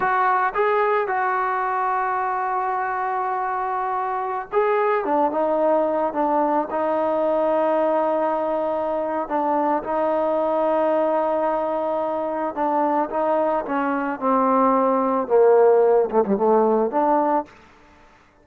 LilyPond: \new Staff \with { instrumentName = "trombone" } { \time 4/4 \tempo 4 = 110 fis'4 gis'4 fis'2~ | fis'1~ | fis'16 gis'4 d'8 dis'4. d'8.~ | d'16 dis'2.~ dis'8.~ |
dis'4 d'4 dis'2~ | dis'2. d'4 | dis'4 cis'4 c'2 | ais4. a16 g16 a4 d'4 | }